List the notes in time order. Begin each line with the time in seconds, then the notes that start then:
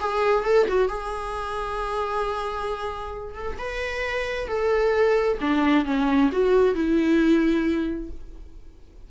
0.00 G#4
0.44 A4
0.68 F#4
0.89 G#4
3.35 A4
3.58 B4
4.48 A4
5.41 D4
5.85 C#4
6.32 F#4
6.75 E4